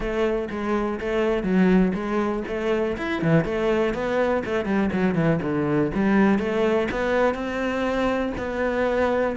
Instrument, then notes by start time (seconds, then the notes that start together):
cello
0.00 A3
0.50 G#3
1.00 A3
1.43 F#3
1.94 G#3
2.47 A3
2.97 E4
3.21 E3
3.44 A3
3.93 B3
4.45 A3
4.65 G3
4.92 F#3
5.14 E3
5.42 D3
5.94 G3
6.38 A3
6.91 B3
7.34 C4
8.37 B3